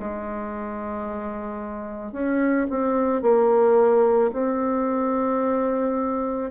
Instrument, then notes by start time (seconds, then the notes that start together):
bassoon
0.00 G#3
2.13 C#4
2.70 C4
3.22 A#3
4.33 C4